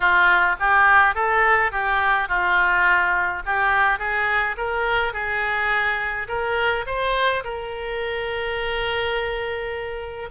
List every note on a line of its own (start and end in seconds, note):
0.00 0.56 F4
0.59 1.14 G4
1.14 1.71 A4
1.71 2.28 G4
2.28 3.42 F4
3.45 3.98 G4
3.98 4.56 G#4
4.57 5.13 A#4
5.13 6.27 G#4
6.28 6.85 A#4
6.86 7.43 C5
7.43 10.29 A#4